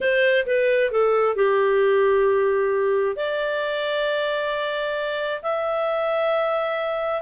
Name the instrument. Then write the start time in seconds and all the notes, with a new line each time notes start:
clarinet
0.00 C5
0.46 B4
0.91 A4
1.35 G4
3.16 D5
5.42 E5